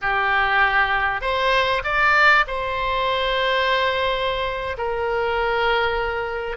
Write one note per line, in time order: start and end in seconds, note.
0.01 1.21 G4
1.21 1.82 C5
1.84 2.45 D5
2.47 4.76 C5
4.77 6.57 A#4